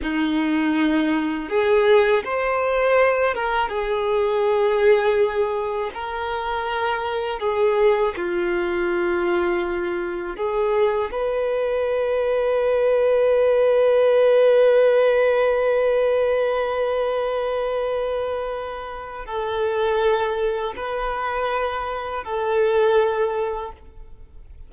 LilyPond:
\new Staff \with { instrumentName = "violin" } { \time 4/4 \tempo 4 = 81 dis'2 gis'4 c''4~ | c''8 ais'8 gis'2. | ais'2 gis'4 f'4~ | f'2 gis'4 b'4~ |
b'1~ | b'1~ | b'2 a'2 | b'2 a'2 | }